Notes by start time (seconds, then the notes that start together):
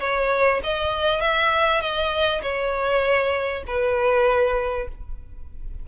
0.00 C#5
0.64 D#5
1.21 E5
1.81 D#5
2.42 C#5
3.67 B4